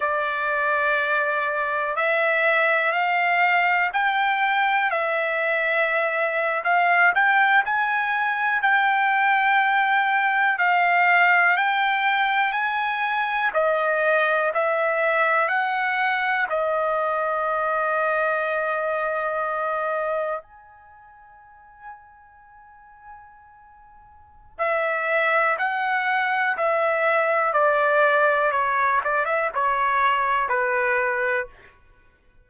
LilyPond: \new Staff \with { instrumentName = "trumpet" } { \time 4/4 \tempo 4 = 61 d''2 e''4 f''4 | g''4 e''4.~ e''16 f''8 g''8 gis''16~ | gis''8. g''2 f''4 g''16~ | g''8. gis''4 dis''4 e''4 fis''16~ |
fis''8. dis''2.~ dis''16~ | dis''8. gis''2.~ gis''16~ | gis''4 e''4 fis''4 e''4 | d''4 cis''8 d''16 e''16 cis''4 b'4 | }